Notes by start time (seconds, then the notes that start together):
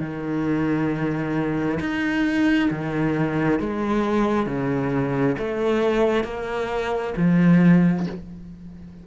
0.00 D#3
1.80 D#4
2.70 D#3
3.59 G#3
4.47 C#3
5.38 A3
6.24 A#3
7.17 F3